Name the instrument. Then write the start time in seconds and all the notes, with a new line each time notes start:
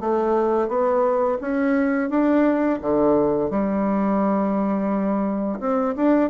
bassoon
0.00 A3
0.68 B3
1.41 C#4
2.10 D4
2.81 D3
3.50 G3
5.60 C4
5.96 D4